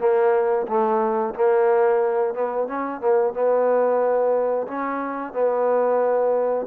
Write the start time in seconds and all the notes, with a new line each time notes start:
0.00 A#3
0.68 A3
1.35 A#3
2.34 B3
2.67 C#4
3.01 A#3
3.33 B3
4.68 C#4
5.33 B3